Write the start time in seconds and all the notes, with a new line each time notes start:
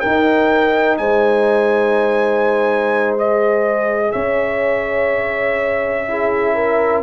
0.00 D#4 A#4 G5
0.97 G#3 C5 G#5
3.18 G#4 D#5
4.12 C#4 C#5 E5
6.08 E4 G#4
6.55 A#4